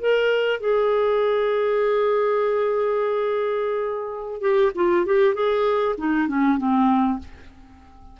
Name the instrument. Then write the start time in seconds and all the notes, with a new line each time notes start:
clarinet
0.00 A#4
0.60 G#4
4.41 G4
4.75 F4
5.06 G4
5.34 G#4
5.97 D#4
6.28 C#4
6.58 C4